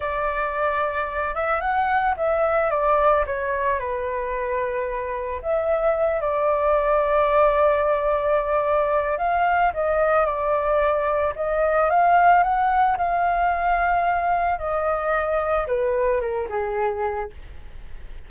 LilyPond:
\new Staff \with { instrumentName = "flute" } { \time 4/4 \tempo 4 = 111 d''2~ d''8 e''8 fis''4 | e''4 d''4 cis''4 b'4~ | b'2 e''4. d''8~ | d''1~ |
d''4 f''4 dis''4 d''4~ | d''4 dis''4 f''4 fis''4 | f''2. dis''4~ | dis''4 b'4 ais'8 gis'4. | }